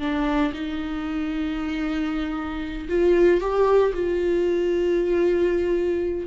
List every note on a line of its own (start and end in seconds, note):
0.00 0.52 D4
0.53 2.88 D#4
2.89 3.41 F4
3.41 3.93 G4
3.94 6.27 F4